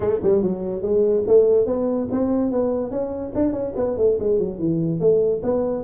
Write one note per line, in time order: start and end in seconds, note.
0.00 0.19 A3
0.23 0.42 G3
0.42 0.82 F#3
0.82 1.23 G#3
1.27 1.66 A3
1.66 2.07 B3
2.11 2.51 C4
2.51 2.90 B3
2.90 3.32 C#4
3.34 3.52 D4
3.52 3.73 C#4
3.76 3.97 B3
3.97 4.18 A3
4.19 4.39 G#3
4.39 4.58 F#3
4.58 5.00 E3
5.00 5.41 A3
5.42 5.83 B3